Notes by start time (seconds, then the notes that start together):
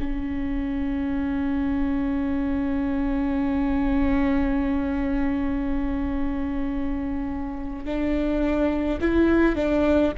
0.00 C#4
7.85 D4
9.01 E4
9.56 D4